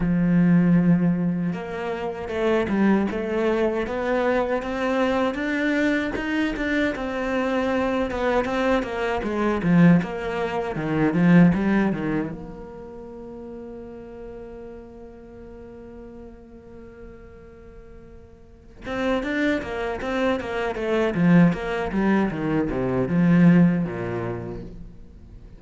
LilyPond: \new Staff \with { instrumentName = "cello" } { \time 4/4 \tempo 4 = 78 f2 ais4 a8 g8 | a4 b4 c'4 d'4 | dis'8 d'8 c'4. b8 c'8 ais8 | gis8 f8 ais4 dis8 f8 g8 dis8 |
ais1~ | ais1~ | ais8 c'8 d'8 ais8 c'8 ais8 a8 f8 | ais8 g8 dis8 c8 f4 ais,4 | }